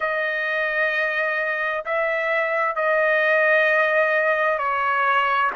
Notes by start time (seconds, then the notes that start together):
0.00 D#5
1.85 E5
2.75 D#5
4.58 C#5